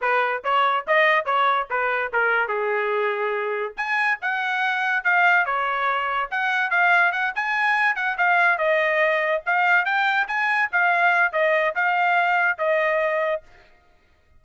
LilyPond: \new Staff \with { instrumentName = "trumpet" } { \time 4/4 \tempo 4 = 143 b'4 cis''4 dis''4 cis''4 | b'4 ais'4 gis'2~ | gis'4 gis''4 fis''2 | f''4 cis''2 fis''4 |
f''4 fis''8 gis''4. fis''8 f''8~ | f''8 dis''2 f''4 g''8~ | g''8 gis''4 f''4. dis''4 | f''2 dis''2 | }